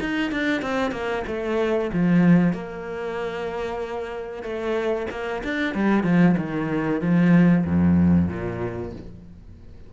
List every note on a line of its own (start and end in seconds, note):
0.00 0.31 D#4
0.31 0.61 D4
0.61 0.91 C4
0.91 1.23 A#3
1.27 1.91 A3
1.93 2.53 F3
2.53 4.42 A#3
4.42 5.06 A3
5.10 5.42 A#3
5.43 5.74 D4
5.74 6.03 G3
6.03 6.35 F3
6.37 7.01 D#3
7.01 7.65 F3
7.65 8.28 F2
8.28 8.92 A#2